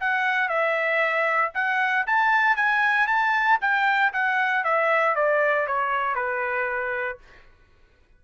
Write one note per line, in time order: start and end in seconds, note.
0.00 0.48 F#5
0.48 1.52 E5
1.54 2.06 F#5
2.06 2.56 A5
2.56 3.07 G#5
3.07 3.59 A5
3.61 4.12 G5
4.13 4.64 F#5
4.64 5.15 E5
5.15 5.67 D5
5.67 6.15 C#5
6.15 7.18 B4